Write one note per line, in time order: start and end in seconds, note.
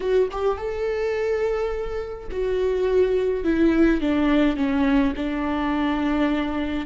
0.00 0.29 F#4
0.31 0.57 G4
0.57 2.28 A4
2.31 3.44 F#4
3.44 4.00 E4
4.00 4.56 D4
4.56 5.13 C#4
5.16 6.86 D4